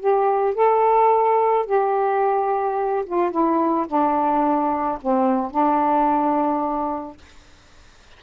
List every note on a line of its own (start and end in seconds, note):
0.00 0.55 G4
0.55 1.66 A4
1.66 3.05 G4
3.06 3.31 F4
3.31 3.87 E4
3.88 4.99 D4
5.02 5.51 C4
5.51 7.18 D4